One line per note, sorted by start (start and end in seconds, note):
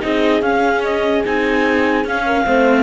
0.00 0.41 C4
0.00 0.41 D#4
0.00 2.25 G#4
0.00 0.42 D#5
0.41 1.23 C#4
0.41 1.24 C#4
0.41 0.82 F5
0.83 1.23 D#5
1.25 2.04 C4
1.25 2.04 D#4
1.25 2.06 G#5
2.04 2.44 C#4
2.04 2.45 C#4
2.04 2.83 F5
2.25 2.45 A#4
2.46 2.83 A3
2.46 2.83 C4
2.46 2.83 C5